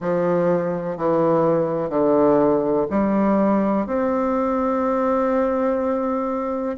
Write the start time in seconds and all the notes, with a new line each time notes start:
0.00 F3
0.97 E3
1.89 D3
2.90 G3
3.86 C4